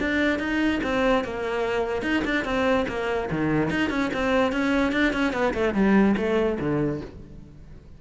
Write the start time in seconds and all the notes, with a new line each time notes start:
0.00 D4
0.39 D#4
0.84 C4
1.24 A#3
2.02 D#4
2.25 D4
2.45 C4
2.88 A#3
3.31 D#3
3.71 D#4
3.90 C#4
4.14 C4
4.52 C#4
4.92 D4
5.13 C#4
5.33 B3
5.54 A3
5.74 G3
6.17 A3
6.60 D3